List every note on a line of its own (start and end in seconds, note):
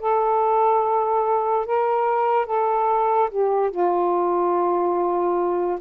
0.00 1.67 A4
1.67 2.47 A#4
2.47 3.30 A4
3.31 3.71 G4
3.71 5.80 F4